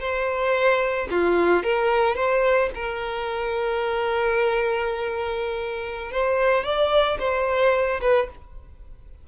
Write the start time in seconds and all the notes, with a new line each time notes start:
0.00 C5
1.11 F4
1.63 A#4
2.16 C5
2.75 A#4
6.12 C5
6.64 D5
7.20 C5
8.01 B4